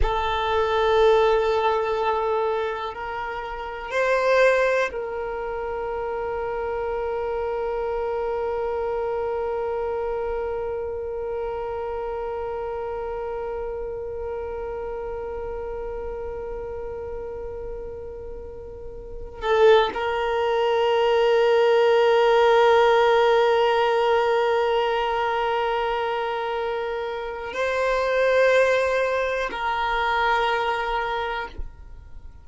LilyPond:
\new Staff \with { instrumentName = "violin" } { \time 4/4 \tempo 4 = 61 a'2. ais'4 | c''4 ais'2.~ | ais'1~ | ais'1~ |
ais'2.~ ais'8. a'16~ | a'16 ais'2.~ ais'8.~ | ais'1 | c''2 ais'2 | }